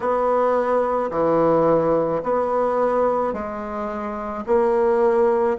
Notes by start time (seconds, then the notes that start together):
0.00 B3
1.11 E3
2.23 B3
3.33 G#3
4.46 A#3